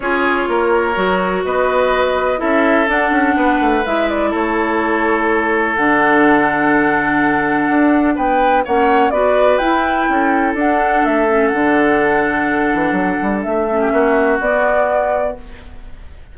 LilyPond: <<
  \new Staff \with { instrumentName = "flute" } { \time 4/4 \tempo 4 = 125 cis''2. dis''4~ | dis''4 e''4 fis''2 | e''8 d''8 cis''2. | fis''1~ |
fis''4 g''4 fis''4 d''4 | g''2 fis''4 e''4 | fis''1 | e''2 d''2 | }
  \new Staff \with { instrumentName = "oboe" } { \time 4/4 gis'4 ais'2 b'4~ | b'4 a'2 b'4~ | b'4 a'2.~ | a'1~ |
a'4 b'4 cis''4 b'4~ | b'4 a'2.~ | a'1~ | a'8. g'16 fis'2. | }
  \new Staff \with { instrumentName = "clarinet" } { \time 4/4 f'2 fis'2~ | fis'4 e'4 d'2 | e'1 | d'1~ |
d'2 cis'4 fis'4 | e'2 d'4. cis'8 | d'1~ | d'8 cis'4. b2 | }
  \new Staff \with { instrumentName = "bassoon" } { \time 4/4 cis'4 ais4 fis4 b4~ | b4 cis'4 d'8 cis'8 b8 a8 | gis4 a2. | d1 |
d'4 b4 ais4 b4 | e'4 cis'4 d'4 a4 | d2~ d8 e8 fis8 g8 | a4 ais4 b2 | }
>>